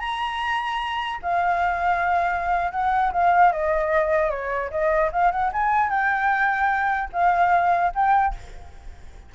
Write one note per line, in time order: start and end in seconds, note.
0.00 1.20 A#5
1.23 2.72 F5
2.72 3.12 F#5
3.13 3.53 F5
3.53 4.31 D#5
4.31 4.71 C#5
4.71 5.11 D#5
5.13 5.32 F5
5.32 5.52 F#5
5.53 5.90 G#5
5.90 7.10 G5
7.13 7.93 F5
7.95 8.35 G5